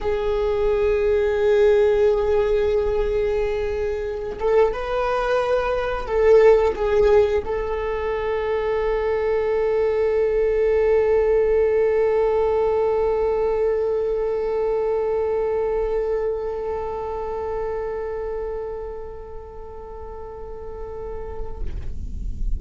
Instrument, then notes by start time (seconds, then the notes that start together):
viola
0.00 G#4
4.39 A4
4.73 B4
6.06 A4
6.75 G#4
7.45 A4